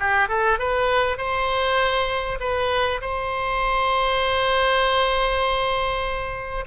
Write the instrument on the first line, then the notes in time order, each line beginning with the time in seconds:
oboe
0.00 G4
0.29 A4
0.59 B4
1.18 C5
2.40 B4
3.02 C5